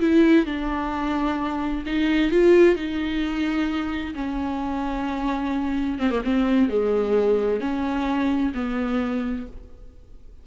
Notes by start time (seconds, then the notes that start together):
0.00 E4
0.46 D4
1.86 D#4
2.31 F4
2.76 D#4
4.15 C#4
5.99 C4
6.11 A#3
6.24 C4
6.70 G#3
7.61 C#4
8.54 B3